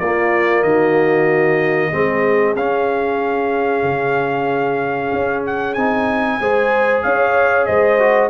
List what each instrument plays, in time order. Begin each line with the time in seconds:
0.00 tuba A#3, trombone A#3, horn F4, trumpet D5
0.63 tuba D#3, horn F#4, trumpet D#5
1.91 tuba G#3, trombone C4, horn G#4
2.55 tuba C#4, trombone C#4, trumpet F5
3.83 tuba C#3
5.13 tuba C#4
5.46 trumpet F#5
5.74 tuba C4, trombone D#4, trumpet G#5
6.40 tuba G#3, trombone G#4, horn C5
7.03 tuba C#4, horn C#5, trumpet F5
7.66 tuba G#3, horn C5, trumpet D#5
7.99 trombone F#4